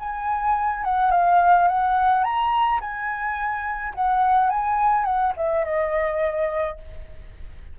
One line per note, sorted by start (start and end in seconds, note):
0.00 0.85 G#5
0.85 1.11 F#5
1.11 1.68 F5
1.68 2.24 F#5
2.24 2.81 A#5
2.81 3.94 G#5
3.95 4.51 F#5
4.51 5.05 G#5
5.05 5.33 F#5
5.37 5.65 E5
5.65 6.78 D#5